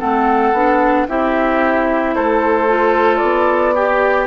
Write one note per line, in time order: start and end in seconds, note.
0.00 0.53 A3
0.00 0.54 C4
0.00 1.08 A4
0.00 1.07 F#5
0.53 1.06 B3
0.53 1.09 D4
1.08 2.17 C4
1.08 2.69 E4
1.08 2.16 G4
1.08 2.15 E5
2.15 3.22 A3
2.15 3.75 A4
2.15 3.17 C5
2.69 3.76 F4
3.17 4.27 B3
3.17 4.24 D5
3.75 4.27 G4